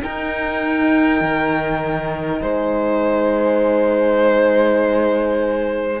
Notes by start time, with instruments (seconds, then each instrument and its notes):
0.00 horn D#4, cello D#4, violin A#4 G5
1.21 cello D#3
2.41 cello G#3, violin C5 G#5